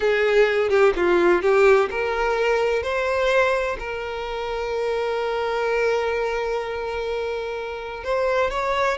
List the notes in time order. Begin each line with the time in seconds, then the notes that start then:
0.00 G#4
0.69 G4
0.96 F4
1.42 G4
1.90 A#4
2.82 C5
3.79 A#4
8.03 C5
8.50 C#5